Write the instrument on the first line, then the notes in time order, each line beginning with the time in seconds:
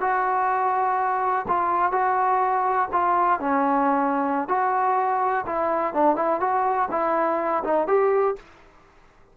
trombone
0.00 F#4
1.47 F4
1.91 F#4
2.92 F4
3.39 C#4
4.48 F#4
5.46 E4
5.93 D4
6.15 E4
6.40 F#4
6.90 E4
7.63 D#4
7.87 G4